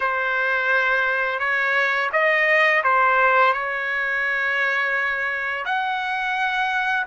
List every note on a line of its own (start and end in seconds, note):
0.00 1.39 C5
1.39 2.10 C#5
2.12 2.82 D#5
2.83 3.53 C5
3.53 5.65 C#5
5.65 7.06 F#5